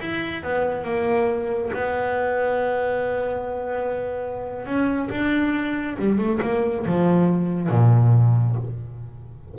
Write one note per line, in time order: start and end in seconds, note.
0.00 0.43 E4
0.43 0.84 B3
0.84 1.71 A#3
1.73 4.65 B3
4.65 5.09 C#4
5.10 5.97 D4
5.99 6.18 G3
6.18 6.40 A3
6.42 6.85 A#3
6.86 7.69 F3
7.69 8.56 A#2